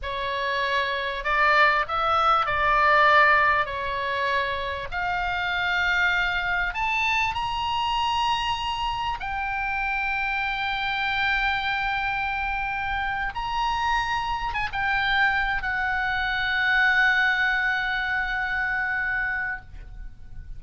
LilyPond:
\new Staff \with { instrumentName = "oboe" } { \time 4/4 \tempo 4 = 98 cis''2 d''4 e''4 | d''2 cis''2 | f''2. a''4 | ais''2. g''4~ |
g''1~ | g''4.~ g''16 ais''2 gis''16 | g''4. fis''2~ fis''8~ | fis''1 | }